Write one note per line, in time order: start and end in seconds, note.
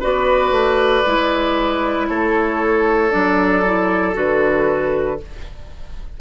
0.00 0.51 B3
0.00 1.05 F#4
0.00 2.07 B4
0.00 2.08 D5
0.51 1.03 A3
1.06 2.09 G#3
1.06 3.11 E4
2.08 3.12 A3
2.08 5.20 A4
2.08 3.11 C#5
3.11 4.16 F#3
3.11 3.63 D4
3.11 4.15 D5
3.65 4.14 E4
4.14 5.19 D3
4.14 5.17 F#4
4.14 5.20 B4